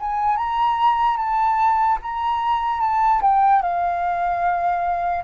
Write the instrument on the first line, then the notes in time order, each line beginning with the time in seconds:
flute
0.00 G#5
0.36 A#5
1.17 A5
2.02 A#5
2.80 A5
3.21 G5
3.62 F5